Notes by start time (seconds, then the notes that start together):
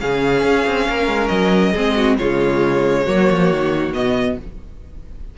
0.00 C#3 C#4 G#4 F5
0.42 C#4
0.66 C4
0.89 A#3 A#4
1.07 G#3
1.28 F#3 D#5
1.72 G#3 C4 G#4
1.95 F#4
2.18 C#3 G#3 F4 C#5
3.04 F#3 A#3 F#4
3.30 F3
3.51 D#3
3.92 B2 B3 D#5